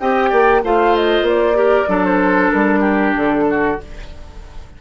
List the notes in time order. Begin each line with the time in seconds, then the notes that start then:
0.00 C4 G4 D#5 G5
0.29 A#3 D5
0.63 A3 F4 C5 F5
0.96 D#5
1.22 A#3 D5
1.54 G4 A#4
1.88 F#3 D4 A4
2.04 C5
2.51 G3 A#4
2.80 G4
3.15 D3 A4
3.49 F#4